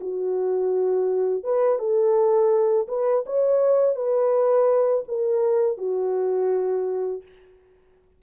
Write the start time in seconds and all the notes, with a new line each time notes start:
0.00 F#4
1.43 B4
1.78 A4
2.88 B4
3.26 C#5
3.95 B4
5.08 A#4
5.77 F#4